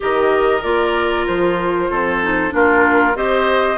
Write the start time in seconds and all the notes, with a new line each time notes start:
0.00 D#3 G4 A#4 D#5
0.62 A#3 F4 D5
1.26 F3 C5
1.90 F2 A4
2.21 D#4
2.49 A#3 D4 F4 A#4
3.14 C4 G4 C5 D#5